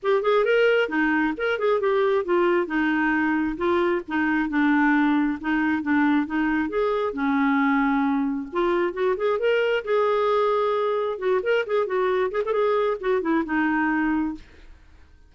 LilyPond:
\new Staff \with { instrumentName = "clarinet" } { \time 4/4 \tempo 4 = 134 g'8 gis'8 ais'4 dis'4 ais'8 gis'8 | g'4 f'4 dis'2 | f'4 dis'4 d'2 | dis'4 d'4 dis'4 gis'4 |
cis'2. f'4 | fis'8 gis'8 ais'4 gis'2~ | gis'4 fis'8 ais'8 gis'8 fis'4 gis'16 a'16 | gis'4 fis'8 e'8 dis'2 | }